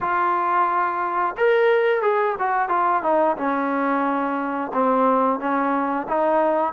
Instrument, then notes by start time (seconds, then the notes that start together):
trombone
0.00 F4
1.37 A#4
2.01 G#4
2.38 F#4
2.68 F4
3.02 D#4
3.36 C#4
4.73 C4
5.39 C#4
6.08 D#4